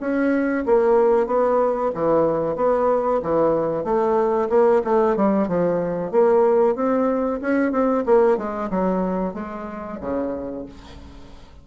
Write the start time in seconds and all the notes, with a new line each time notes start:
0.00 C#4
0.65 A#3
1.26 B3
1.94 E3
2.56 B3
3.23 E3
3.84 A3
4.49 A#3
4.84 A3
5.16 G3
5.48 F3
6.11 A#3
6.75 C4
7.41 C#4
7.72 C4
8.06 A#3
8.37 G#3
8.70 F#3
9.34 G#3
10.01 C#3